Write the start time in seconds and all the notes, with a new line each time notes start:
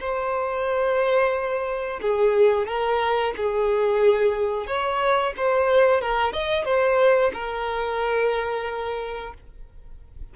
0.00 C5
2.02 G#4
2.67 A#4
3.37 G#4
4.67 C#5
5.37 C5
6.01 A#4
6.32 D#5
6.65 C5
7.34 A#4